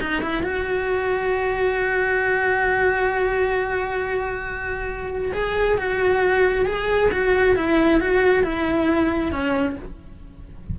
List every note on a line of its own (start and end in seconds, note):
0.00 0.22 D#4
0.22 0.43 E4
0.43 5.32 F#4
5.33 5.77 G#4
5.77 6.65 F#4
6.65 7.10 G#4
7.11 7.56 F#4
7.56 8.00 E4
8.00 8.43 F#4
8.43 9.32 E4
9.32 9.76 C#4